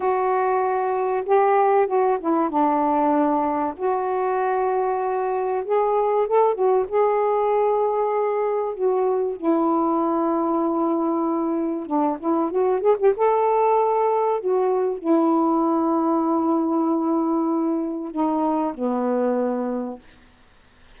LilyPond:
\new Staff \with { instrumentName = "saxophone" } { \time 4/4 \tempo 4 = 96 fis'2 g'4 fis'8 e'8 | d'2 fis'2~ | fis'4 gis'4 a'8 fis'8 gis'4~ | gis'2 fis'4 e'4~ |
e'2. d'8 e'8 | fis'8 gis'16 g'16 a'2 fis'4 | e'1~ | e'4 dis'4 b2 | }